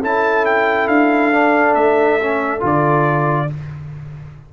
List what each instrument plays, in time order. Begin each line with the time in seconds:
0.00 tuba C#4, trombone E4, horn A4, trumpet A5
0.45 trumpet G5
0.87 tuba D4, trumpet F5
1.32 trombone D4
1.74 tuba A3, trumpet E5
2.20 trombone C#4
2.60 tuba D3, trombone F4
2.66 trumpet D5